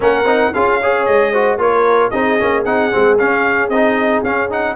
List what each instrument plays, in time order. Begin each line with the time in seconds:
0.00 tuba A#3, trombone C#4, horn A#4, trumpet F#5
0.24 tuba C4, trombone D#4
0.53 tuba C#4, trombone F4, horn G#4, trumpet F5
0.81 trombone G#4, horn C#5
1.05 tuba G#3, trumpet D#5
1.32 trombone F#4, horn C5
1.57 tuba A#3, trombone F4, horn A#4, trumpet C#5
2.10 tuba C4, trombone D#4, horn G#4, trumpet D#5
2.39 tuba A#3, trombone C#4
2.64 tuba C4, trombone D#4, trumpet F#5
2.91 tuba G#3, trombone C4
3.18 trombone C#4, tuba C#4, trumpet F5
3.68 tuba C4, trombone D#4, trumpet D#5
4.23 tuba C#4, trombone C#4, trumpet F5
4.49 trombone D#4, trumpet F#5